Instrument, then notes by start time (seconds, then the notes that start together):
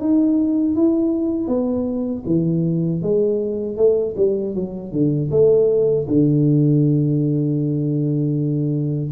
tuba
0.00 D#4
0.76 E4
1.47 B3
2.26 E3
3.02 G#3
3.77 A3
4.17 G3
4.55 F#3
4.92 D3
5.31 A3
6.08 D3